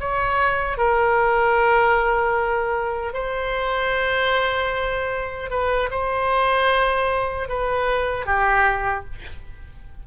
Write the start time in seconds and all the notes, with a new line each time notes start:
0.00 C#5
0.77 A#4
3.13 C5
5.50 B4
5.91 C5
7.49 B4
8.26 G4